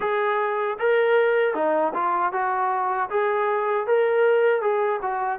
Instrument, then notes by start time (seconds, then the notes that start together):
trombone
0.00 G#4
0.79 A#4
1.54 D#4
1.94 F4
2.32 F#4
3.10 G#4
3.86 A#4
4.61 G#4
5.01 F#4